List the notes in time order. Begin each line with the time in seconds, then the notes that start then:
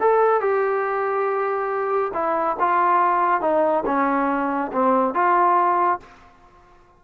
0.00 A4
0.40 G4
2.14 E4
2.59 F4
3.41 D#4
3.85 C#4
4.72 C4
5.14 F4